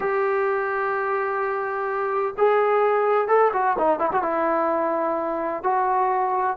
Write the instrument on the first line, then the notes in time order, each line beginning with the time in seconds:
trombone
0.00 G4
2.37 G#4
3.28 A4
3.53 F#4
3.78 D#4
3.99 E4
4.12 F#4
4.22 E4
5.63 F#4